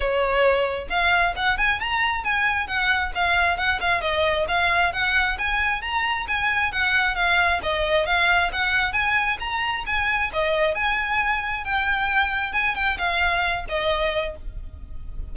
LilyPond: \new Staff \with { instrumentName = "violin" } { \time 4/4 \tempo 4 = 134 cis''2 f''4 fis''8 gis''8 | ais''4 gis''4 fis''4 f''4 | fis''8 f''8 dis''4 f''4 fis''4 | gis''4 ais''4 gis''4 fis''4 |
f''4 dis''4 f''4 fis''4 | gis''4 ais''4 gis''4 dis''4 | gis''2 g''2 | gis''8 g''8 f''4. dis''4. | }